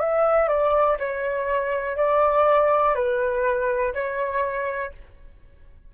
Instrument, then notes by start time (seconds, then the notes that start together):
flute
0.00 E5
0.48 D5
0.99 C#5
1.97 D5
2.96 B4
3.94 C#5